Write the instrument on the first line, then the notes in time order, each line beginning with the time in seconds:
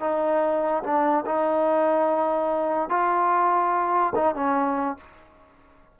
trombone
0.00 D#4
0.83 D4
1.25 D#4
2.89 F4
4.15 D#4
4.35 C#4